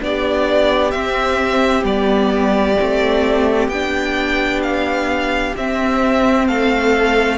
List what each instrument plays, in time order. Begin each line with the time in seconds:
0.00 cello B3, viola D4, violin G4 D5
0.91 viola C4, cello C4, violin E5
1.83 cello G3, viola B3, violin D5
2.79 cello A3, viola C4
3.68 cello B3, viola D4, violin G5
4.63 violin F5
5.57 cello C4, viola C4, violin E5
6.47 cello A3, violin A4 F5